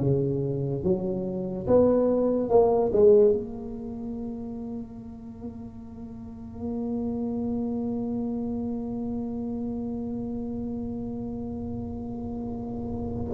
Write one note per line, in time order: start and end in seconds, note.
0.00 0.83 C#3
0.83 1.66 F#3
1.67 2.49 B3
2.49 2.91 A#3
2.92 3.32 G#3
3.32 13.32 A#3